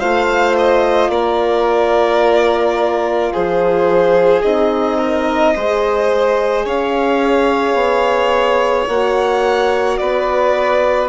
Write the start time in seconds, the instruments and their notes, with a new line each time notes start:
0.00 bassoon A3, horn F4, violin C5 F5
0.58 violin D#5
1.10 bassoon A#3, violin A#4 D5
3.33 bassoon F3, violin G#4 C5
4.42 bassoon C4, horn D#4, violin D#5
4.99 violin A#4
5.56 bassoon G#3, horn G#4, violin C5
6.66 bassoon C#4, violin C#5 F5
7.75 bassoon B3
8.89 bassoon A#3, horn F#4, violin F#5
9.98 bassoon B3, violin B4 D5